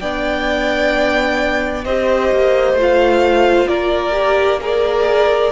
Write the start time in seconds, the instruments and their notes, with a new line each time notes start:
0.00 cello B3, viola D4, violin D5 G5
1.85 cello C4, viola G4, violin C5 D#5
2.32 cello A#3
2.73 cello A3, viola F4
2.82 violin F5
3.68 cello A#3, violin A#4 D5
4.12 viola G4
4.61 viola G#4, violin A#4 D5